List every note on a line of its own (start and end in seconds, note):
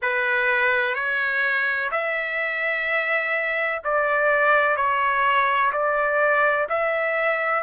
0.02 0.94 B4
0.94 1.90 C#5
1.91 3.81 E5
3.84 4.76 D5
4.76 5.71 C#5
5.72 6.67 D5
6.69 7.63 E5